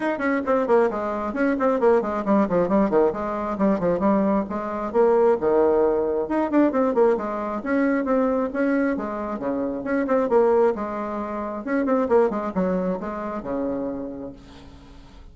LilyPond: \new Staff \with { instrumentName = "bassoon" } { \time 4/4 \tempo 4 = 134 dis'8 cis'8 c'8 ais8 gis4 cis'8 c'8 | ais8 gis8 g8 f8 g8 dis8 gis4 | g8 f8 g4 gis4 ais4 | dis2 dis'8 d'8 c'8 ais8 |
gis4 cis'4 c'4 cis'4 | gis4 cis4 cis'8 c'8 ais4 | gis2 cis'8 c'8 ais8 gis8 | fis4 gis4 cis2 | }